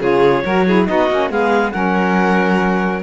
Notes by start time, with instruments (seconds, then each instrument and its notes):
0.00 cello C#3, saxophone F4, violin G#4, clarinet C#5
0.44 cello F#3, saxophone F#4, violin A#4
0.66 saxophone E4, violin G#4
0.87 cello B3, saxophone D#4, violin F#4, clarinet D#5
1.10 cello A#3, saxophone C#4
1.30 cello G#3, saxophone B3, violin G#4, clarinet F5
1.72 cello F#3, saxophone C#4, violin A#4, clarinet F#5